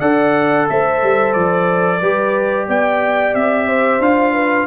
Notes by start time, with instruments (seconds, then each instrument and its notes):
0.00 tuba D4, trombone A4, horn D5, trumpet F#5
0.69 tuba A3, horn C5, trumpet E5
1.03 tuba G3
1.34 tuba F3, trumpet D5
2.01 tuba G3, trombone G4, horn B4
2.67 tuba B3, horn D5, trumpet G5
3.35 tuba C4, trumpet E5
3.67 horn C5
4.00 tuba D4, trombone F4, trumpet F5
4.34 horn B4